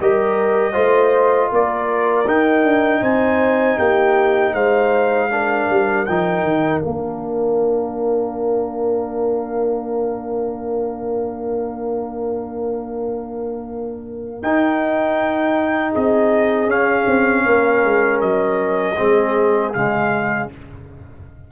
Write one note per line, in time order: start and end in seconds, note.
0.00 0.75 G3
0.00 0.73 G4
0.00 0.72 A#4
0.00 1.53 D#5
0.72 1.51 A3
0.72 2.25 F4
0.72 1.48 C5
1.51 2.27 A#3
1.51 3.02 A#4
1.51 2.28 D5
2.27 5.30 D#4
2.27 2.63 D#4
2.27 3.03 G5
2.63 3.01 D4
3.02 3.78 C4
3.02 3.78 C5
3.02 3.79 G#5
3.78 4.53 A#3
3.78 4.54 G4
3.78 4.54 G5
4.53 5.67 G#3
4.53 5.30 C5
4.53 6.05 F5
5.30 6.06 D4
5.30 15.91 A#4
5.69 6.07 G3
6.05 6.43 F3
6.05 6.83 D#4
6.05 6.80 G5
6.43 6.81 D#3
6.80 14.42 A#3
6.80 14.42 D4
6.80 14.39 F5
14.42 15.94 D#4
14.42 16.68 D#4
14.42 15.94 G5
15.91 16.66 C4
15.91 17.43 G#4
15.91 16.70 D#5
16.66 17.04 C#4
16.66 18.96 C#4
16.66 18.21 F5
17.07 17.45 C4
17.45 17.84 A#3
17.45 18.97 A#4
17.84 18.21 G#3
18.21 18.97 F#3
18.21 19.73 D#5
18.97 19.75 G#3
18.97 19.73 C4
18.97 20.49 G#4
19.73 20.51 C#3
19.73 20.50 G#3
19.73 20.49 F5